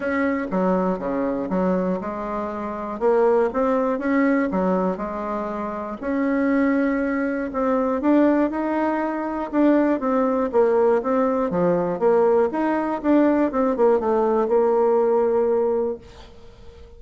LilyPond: \new Staff \with { instrumentName = "bassoon" } { \time 4/4 \tempo 4 = 120 cis'4 fis4 cis4 fis4 | gis2 ais4 c'4 | cis'4 fis4 gis2 | cis'2. c'4 |
d'4 dis'2 d'4 | c'4 ais4 c'4 f4 | ais4 dis'4 d'4 c'8 ais8 | a4 ais2. | }